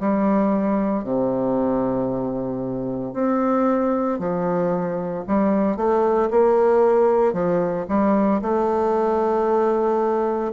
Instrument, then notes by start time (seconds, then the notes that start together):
bassoon
0.00 G3
1.04 C3
3.14 C4
4.20 F3
5.28 G3
5.77 A3
6.31 A#3
7.33 F3
7.89 G3
8.42 A3